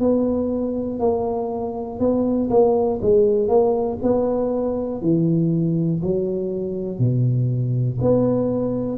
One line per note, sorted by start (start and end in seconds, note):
0.00 1.00 B3
1.00 2.00 A#3
2.00 2.50 B3
2.50 3.00 A#3
3.01 3.49 G#3
3.49 3.99 A#3
4.02 5.01 B3
5.01 6.01 E3
6.02 6.99 F#3
6.99 7.99 B2
8.01 8.98 B3